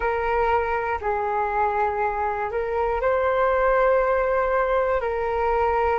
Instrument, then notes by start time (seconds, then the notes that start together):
flute
0.00 A#4
1.00 G#4
2.50 A#4
3.01 C5
5.00 A#4